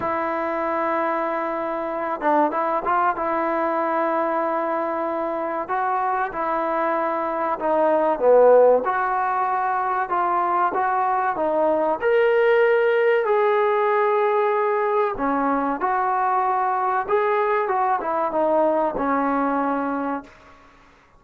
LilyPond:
\new Staff \with { instrumentName = "trombone" } { \time 4/4 \tempo 4 = 95 e'2.~ e'8 d'8 | e'8 f'8 e'2.~ | e'4 fis'4 e'2 | dis'4 b4 fis'2 |
f'4 fis'4 dis'4 ais'4~ | ais'4 gis'2. | cis'4 fis'2 gis'4 | fis'8 e'8 dis'4 cis'2 | }